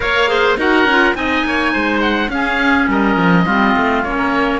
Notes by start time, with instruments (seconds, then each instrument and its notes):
0.00 cello A#3, clarinet A#4, oboe C#5 F5
0.27 clarinet G#4, oboe C5
0.57 cello D#4, clarinet F#4, oboe A#4 F#5
0.84 cello C#4, clarinet F4
1.14 cello C4, clarinet D#4, oboe D#5 G#5
1.45 cello A#3, oboe C#5
1.73 cello G#3, oboe C5
2.01 oboe F#5
2.28 cello C#4, clarinet C#4, oboe G#4 F5
2.87 cello G3, oboe A#4 D#5
3.16 cello F3
3.45 cello G3, clarinet C4, oboe F4
3.76 cello A3
4.03 cello A#3, clarinet C#4, oboe C#5
4.17 oboe A#4